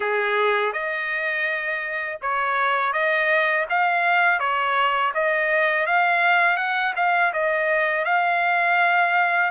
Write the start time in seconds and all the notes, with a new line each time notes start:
0.00 G#4
0.72 D#5
2.21 C#5
2.93 D#5
3.69 F5
4.39 C#5
5.14 D#5
5.86 F5
6.57 F#5
6.95 F5
7.33 D#5
8.05 F5